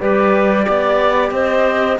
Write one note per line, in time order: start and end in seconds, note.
0.00 0.67 G3
0.00 1.99 G4
0.00 0.65 B4
0.00 1.32 D5
0.65 1.31 B3
0.65 1.31 D5
1.31 1.97 C4
1.31 1.98 C5
1.31 1.99 D#5